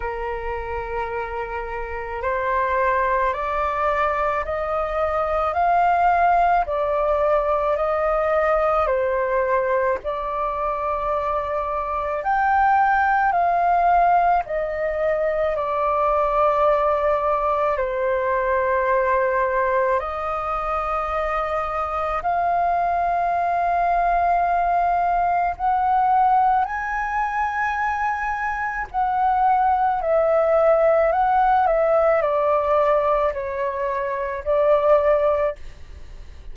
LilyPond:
\new Staff \with { instrumentName = "flute" } { \time 4/4 \tempo 4 = 54 ais'2 c''4 d''4 | dis''4 f''4 d''4 dis''4 | c''4 d''2 g''4 | f''4 dis''4 d''2 |
c''2 dis''2 | f''2. fis''4 | gis''2 fis''4 e''4 | fis''8 e''8 d''4 cis''4 d''4 | }